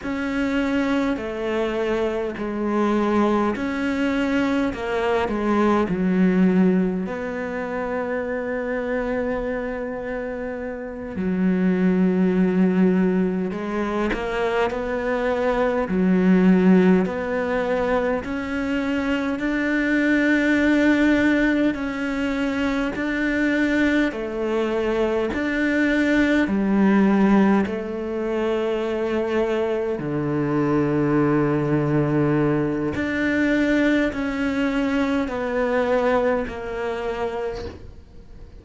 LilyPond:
\new Staff \with { instrumentName = "cello" } { \time 4/4 \tempo 4 = 51 cis'4 a4 gis4 cis'4 | ais8 gis8 fis4 b2~ | b4. fis2 gis8 | ais8 b4 fis4 b4 cis'8~ |
cis'8 d'2 cis'4 d'8~ | d'8 a4 d'4 g4 a8~ | a4. d2~ d8 | d'4 cis'4 b4 ais4 | }